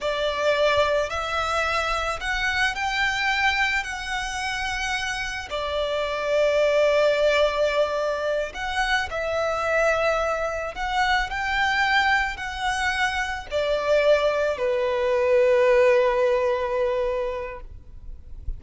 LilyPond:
\new Staff \with { instrumentName = "violin" } { \time 4/4 \tempo 4 = 109 d''2 e''2 | fis''4 g''2 fis''4~ | fis''2 d''2~ | d''2.~ d''8 fis''8~ |
fis''8 e''2. fis''8~ | fis''8 g''2 fis''4.~ | fis''8 d''2 b'4.~ | b'1 | }